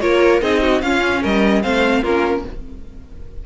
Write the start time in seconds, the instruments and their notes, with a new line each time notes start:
0.00 cello A#3, viola F4, violin A#4 C#5
0.41 cello C4, viola D#4, violin G#4 D#5
0.62 violin F#4
0.81 cello C#4, viola C#4, violin F4 F5
1.21 cello G3, violin A#4 D#5
1.62 cello A3, viola C4, violin C5 F5
2.01 cello A#3, viola C#4, violin F4 A#4